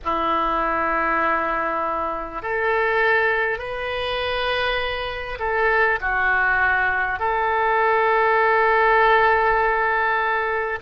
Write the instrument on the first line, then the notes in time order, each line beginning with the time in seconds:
oboe
0.04 E4
2.42 A4
3.58 B4
5.39 A4
6.01 F#4
7.19 A4